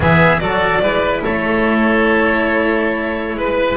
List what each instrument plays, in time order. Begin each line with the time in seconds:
0.00 double bass E3, cello B3, oboe G#4, violin E5
0.39 double bass F#3, cello F#4, oboe A4, violin D5
0.81 double bass G#3, cello E4, oboe B4
1.23 double bass A3, oboe A4, violin C#5
3.34 double bass G#3, oboe B4, violin B4